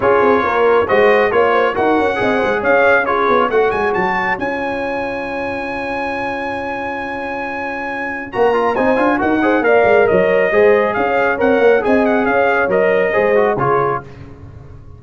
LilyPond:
<<
  \new Staff \with { instrumentName = "trumpet" } { \time 4/4 \tempo 4 = 137 cis''2 dis''4 cis''4 | fis''2 f''4 cis''4 | fis''8 gis''8 a''4 gis''2~ | gis''1~ |
gis''2. ais''4 | gis''4 fis''4 f''4 dis''4~ | dis''4 f''4 fis''4 gis''8 fis''8 | f''4 dis''2 cis''4 | }
  \new Staff \with { instrumentName = "horn" } { \time 4/4 gis'4 ais'4 c''4 cis''8 c''8 | ais'4 dis''8 c''8 cis''4 gis'4 | cis''1~ | cis''1~ |
cis''1 | c''4 ais'8 c''8 d''4 cis''4 | c''4 cis''2 dis''4 | cis''2 c''4 gis'4 | }
  \new Staff \with { instrumentName = "trombone" } { \time 4/4 f'2 fis'4 f'4 | fis'4 gis'2 f'4 | fis'2 f'2~ | f'1~ |
f'2. fis'8 f'8 | dis'8 f'8 fis'8 gis'8 ais'2 | gis'2 ais'4 gis'4~ | gis'4 ais'4 gis'8 fis'8 f'4 | }
  \new Staff \with { instrumentName = "tuba" } { \time 4/4 cis'8 c'8 ais4 gis4 ais4 | dis'8 cis'8 c'8 gis8 cis'4. b8 | a8 gis8 fis4 cis'2~ | cis'1~ |
cis'2. ais4 | c'8 d'8 dis'4 ais8 gis8 fis4 | gis4 cis'4 c'8 ais8 c'4 | cis'4 fis4 gis4 cis4 | }
>>